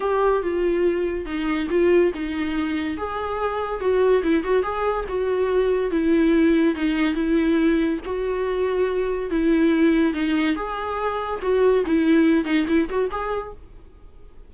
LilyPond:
\new Staff \with { instrumentName = "viola" } { \time 4/4 \tempo 4 = 142 g'4 f'2 dis'4 | f'4 dis'2 gis'4~ | gis'4 fis'4 e'8 fis'8 gis'4 | fis'2 e'2 |
dis'4 e'2 fis'4~ | fis'2 e'2 | dis'4 gis'2 fis'4 | e'4. dis'8 e'8 fis'8 gis'4 | }